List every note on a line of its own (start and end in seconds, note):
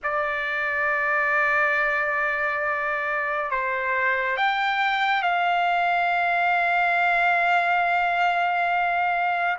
0.03 3.50 D5
3.50 4.36 C5
4.36 5.22 G5
5.22 9.57 F5